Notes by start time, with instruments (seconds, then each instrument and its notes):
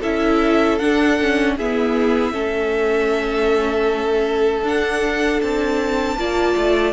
0.00 cello C#4, viola E4, violin A4 E5
0.78 viola D4, cello D4, violin F#5
1.21 viola C#4
1.57 viola B3, cello E4, violin G#4 E5
2.32 cello A3, viola C#4, violin A4
4.62 cello D4, viola D4, violin F#5
5.41 cello C4, violin A5
6.16 cello A#3, viola F4, violin D5
6.57 cello A3